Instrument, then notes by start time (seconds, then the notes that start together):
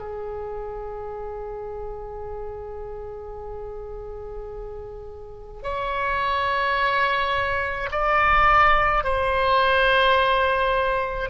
oboe
0.00 G#4
5.63 C#5
7.92 D5
9.04 C5